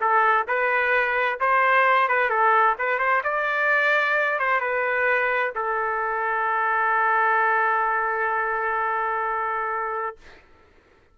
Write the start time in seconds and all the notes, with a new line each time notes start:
0.00 A4
0.47 B4
1.40 C5
2.08 B4
2.29 A4
2.78 B4
2.99 C5
3.23 D5
4.39 C5
4.60 B4
5.55 A4